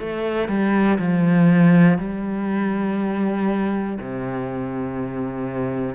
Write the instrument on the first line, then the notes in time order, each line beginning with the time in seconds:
cello
0.00 A3
0.48 G3
0.99 F3
1.98 G3
3.99 C3